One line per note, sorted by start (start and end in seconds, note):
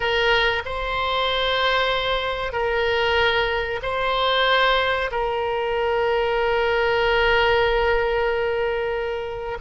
0.00 0.62 A#4
0.65 2.52 C5
2.52 3.79 A#4
3.82 5.10 C5
5.11 9.58 A#4